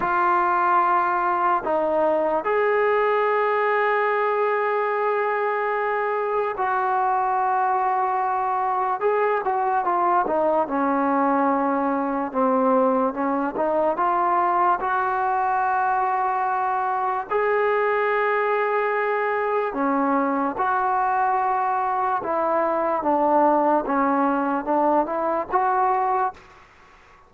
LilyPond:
\new Staff \with { instrumentName = "trombone" } { \time 4/4 \tempo 4 = 73 f'2 dis'4 gis'4~ | gis'1 | fis'2. gis'8 fis'8 | f'8 dis'8 cis'2 c'4 |
cis'8 dis'8 f'4 fis'2~ | fis'4 gis'2. | cis'4 fis'2 e'4 | d'4 cis'4 d'8 e'8 fis'4 | }